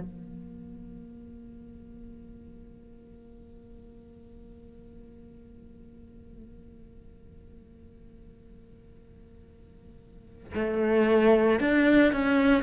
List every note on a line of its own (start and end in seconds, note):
0.00 10.53 A#3
10.55 11.60 A3
11.60 12.12 D4
12.12 12.63 C#4